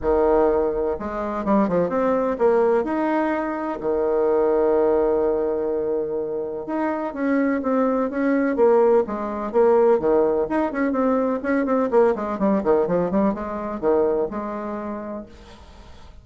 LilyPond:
\new Staff \with { instrumentName = "bassoon" } { \time 4/4 \tempo 4 = 126 dis2 gis4 g8 f8 | c'4 ais4 dis'2 | dis1~ | dis2 dis'4 cis'4 |
c'4 cis'4 ais4 gis4 | ais4 dis4 dis'8 cis'8 c'4 | cis'8 c'8 ais8 gis8 g8 dis8 f8 g8 | gis4 dis4 gis2 | }